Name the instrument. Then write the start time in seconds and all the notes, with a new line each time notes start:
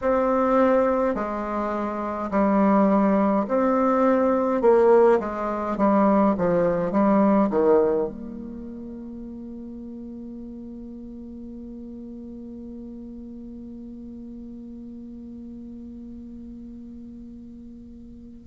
bassoon
0.01 C4
1.14 G#3
2.30 G3
3.48 C4
4.61 A#3
5.19 G#3
5.77 G3
6.37 F3
6.91 G3
7.50 D#3
8.08 A#3